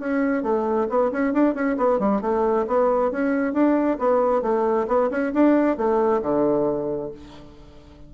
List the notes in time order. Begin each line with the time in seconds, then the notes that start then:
0.00 C#4
0.43 A3
0.89 B3
1.12 C#4
1.33 D4
1.55 C#4
1.78 B3
2.00 G3
2.22 A3
2.67 B3
3.11 C#4
3.54 D4
3.99 B3
4.42 A3
4.88 B3
5.11 C#4
5.34 D4
5.77 A3
6.22 D3